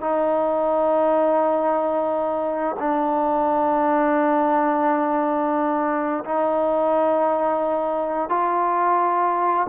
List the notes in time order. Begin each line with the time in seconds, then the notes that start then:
0.00 D#4
2.79 D4
6.24 D#4
8.29 F4